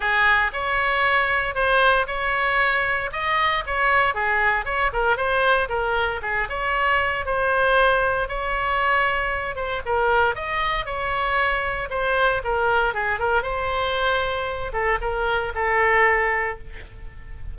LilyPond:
\new Staff \with { instrumentName = "oboe" } { \time 4/4 \tempo 4 = 116 gis'4 cis''2 c''4 | cis''2 dis''4 cis''4 | gis'4 cis''8 ais'8 c''4 ais'4 | gis'8 cis''4. c''2 |
cis''2~ cis''8 c''8 ais'4 | dis''4 cis''2 c''4 | ais'4 gis'8 ais'8 c''2~ | c''8 a'8 ais'4 a'2 | }